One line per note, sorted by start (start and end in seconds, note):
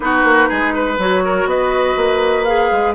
0.00 0.23 B3
0.00 0.98 D#4
0.00 0.48 F#4
0.00 0.95 B4
0.23 0.48 A#3
0.48 0.98 G#3
0.48 0.73 G#4
0.74 1.23 B4
0.98 1.45 F#3
0.98 2.46 F#4
0.98 1.48 C#5
1.24 1.48 A#4
1.45 1.94 B3
1.45 2.95 B4
1.45 2.44 D#5
1.96 2.70 A#3
2.44 2.95 G#4
2.44 2.93 F5
2.71 2.95 G#3